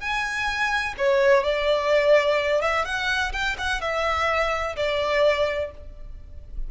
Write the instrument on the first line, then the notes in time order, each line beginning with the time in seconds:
violin
0.00 G#5
0.97 C#5
1.43 D5
2.61 E5
2.85 F#5
3.32 G5
3.58 F#5
3.81 E5
4.76 D5